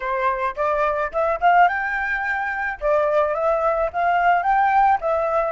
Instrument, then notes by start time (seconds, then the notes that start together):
flute
0.00 C5
0.56 D5
1.11 E5
1.40 F5
1.68 G5
2.80 D5
3.34 E5
3.92 F5
4.42 G5
5.01 E5